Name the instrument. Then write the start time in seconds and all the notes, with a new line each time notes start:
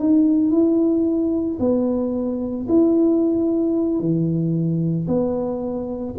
tuba
0.00 D#4
0.51 E4
1.60 B3
2.69 E4
4.00 E3
5.08 B3